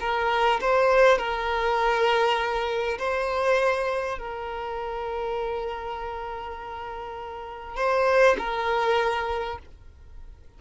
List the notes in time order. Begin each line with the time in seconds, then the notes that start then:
0.00 A#4
0.61 C5
1.18 A#4
2.98 C5
4.18 A#4
7.76 C5
8.38 A#4